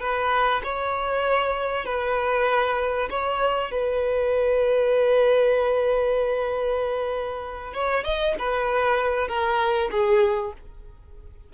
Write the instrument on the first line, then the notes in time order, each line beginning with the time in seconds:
violin
0.00 B4
0.64 C#5
1.85 B4
3.10 C#5
3.71 B4
7.73 C#5
8.04 D#5
8.39 B4
9.28 A#4
9.91 G#4